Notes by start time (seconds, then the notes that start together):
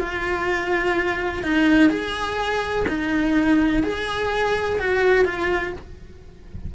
0.00 F4
1.44 D#4
1.90 G#4
2.88 D#4
3.84 G#4
4.80 F#4
5.25 F4